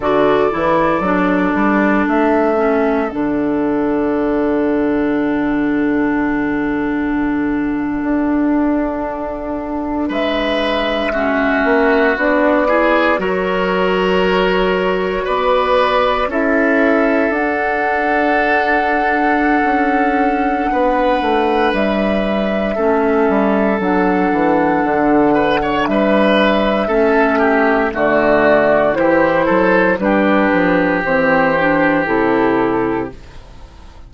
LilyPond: <<
  \new Staff \with { instrumentName = "flute" } { \time 4/4 \tempo 4 = 58 d''2 e''4 fis''4~ | fis''1~ | fis''4.~ fis''16 e''2 d''16~ | d''8. cis''2 d''4 e''16~ |
e''8. fis''2.~ fis''16~ | fis''4 e''2 fis''4~ | fis''4 e''2 d''4 | c''4 b'4 c''4 a'4 | }
  \new Staff \with { instrumentName = "oboe" } { \time 4/4 a'1~ | a'1~ | a'4.~ a'16 b'4 fis'4~ fis'16~ | fis'16 gis'8 ais'2 b'4 a'16~ |
a'1 | b'2 a'2~ | a'8 b'16 cis''16 b'4 a'8 g'8 fis'4 | g'8 a'8 g'2. | }
  \new Staff \with { instrumentName = "clarinet" } { \time 4/4 fis'8 e'8 d'4. cis'8 d'4~ | d'1~ | d'2~ d'8. cis'4 d'16~ | d'16 e'8 fis'2. e'16~ |
e'8. d'2.~ d'16~ | d'2 cis'4 d'4~ | d'2 cis'4 a4 | e'4 d'4 c'8 d'8 e'4 | }
  \new Staff \with { instrumentName = "bassoon" } { \time 4/4 d8 e8 fis8 g8 a4 d4~ | d2.~ d8. d'16~ | d'4.~ d'16 gis4. ais8 b16~ | b8. fis2 b4 cis'16~ |
cis'8. d'2~ d'16 cis'4 | b8 a8 g4 a8 g8 fis8 e8 | d4 g4 a4 d4 | e8 fis8 g8 f8 e4 c4 | }
>>